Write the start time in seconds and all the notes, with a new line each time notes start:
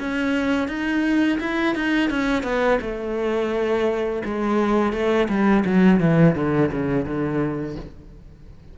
0.00 C#4
0.68 D#4
1.40 E4
1.76 D#4
2.10 C#4
2.44 B3
2.81 A3
4.25 G#3
4.93 A3
5.29 G3
5.66 F#3
6.00 E3
6.36 D3
6.72 C#3
7.06 D3